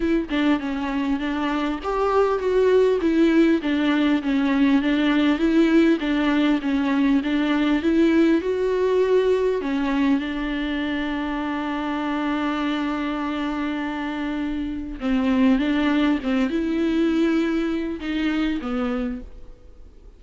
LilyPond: \new Staff \with { instrumentName = "viola" } { \time 4/4 \tempo 4 = 100 e'8 d'8 cis'4 d'4 g'4 | fis'4 e'4 d'4 cis'4 | d'4 e'4 d'4 cis'4 | d'4 e'4 fis'2 |
cis'4 d'2.~ | d'1~ | d'4 c'4 d'4 c'8 e'8~ | e'2 dis'4 b4 | }